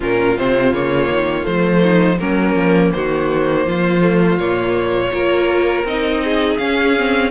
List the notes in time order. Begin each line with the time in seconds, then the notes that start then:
0.00 A#2 C#4 F4 A#4
0.37 C3 C4 C5
0.72 C#3 A#3 C#5
1.09 D#3
1.42 F3 A3 C5
1.81 D#4
2.18 F#3 A#3 C#4 A#4
2.55 F3
2.92 D#3 F#4 C5
3.66 F3 F4
4.01 A3
4.38 A#2 A#3 C#5
5.11 A#3 F4 A#4
5.84 C4 D#4 D#5
6.23 G#4
6.57 C#4 F5
6.98 C4